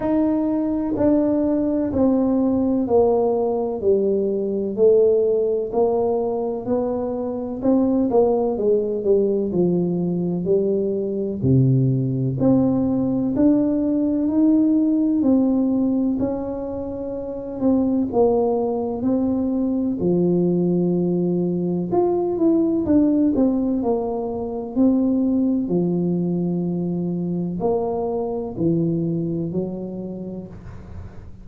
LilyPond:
\new Staff \with { instrumentName = "tuba" } { \time 4/4 \tempo 4 = 63 dis'4 d'4 c'4 ais4 | g4 a4 ais4 b4 | c'8 ais8 gis8 g8 f4 g4 | c4 c'4 d'4 dis'4 |
c'4 cis'4. c'8 ais4 | c'4 f2 f'8 e'8 | d'8 c'8 ais4 c'4 f4~ | f4 ais4 e4 fis4 | }